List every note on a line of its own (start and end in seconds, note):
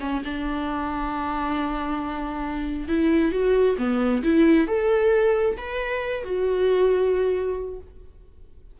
0.00 0.22 C#4
0.24 2.88 D4
2.88 3.32 E4
3.32 3.76 F#4
3.78 4.22 B3
4.23 4.67 E4
4.67 5.56 A4
5.57 6.24 B4
6.24 7.79 F#4